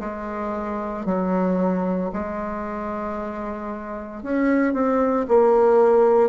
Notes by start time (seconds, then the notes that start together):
0.00 G#3
1.05 F#3
2.13 G#3
4.23 C#4
4.73 C4
5.28 A#3